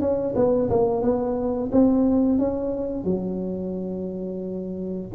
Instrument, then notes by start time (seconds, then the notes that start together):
tuba
0.00 C#4
0.35 B3
0.69 A#3
1.02 B3
1.72 C4
2.38 C#4
3.04 F#3